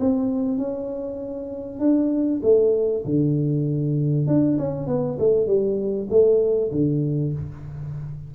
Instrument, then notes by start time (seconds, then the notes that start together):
tuba
0.00 C4
0.58 C#4
1.79 D4
2.43 A3
3.05 D3
4.27 D4
4.59 C#4
4.87 B3
5.19 A3
5.47 G3
6.10 A3
6.72 D3